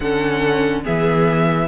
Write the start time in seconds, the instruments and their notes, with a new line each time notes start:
0.00 cello D3, viola C#4, violin A4 F#5
0.83 cello E3, viola B3, violin G#4 E5